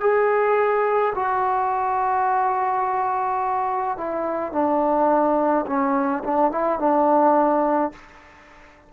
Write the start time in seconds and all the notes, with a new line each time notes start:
0.00 G#4
1.15 F#4
3.97 E4
4.52 D4
5.67 C#4
6.24 D4
6.51 E4
6.79 D4